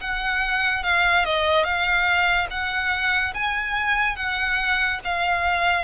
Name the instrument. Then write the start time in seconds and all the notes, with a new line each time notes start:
violin
0.00 F#5
0.83 F5
1.24 D#5
1.64 F5
2.50 F#5
3.34 G#5
4.16 F#5
5.04 F5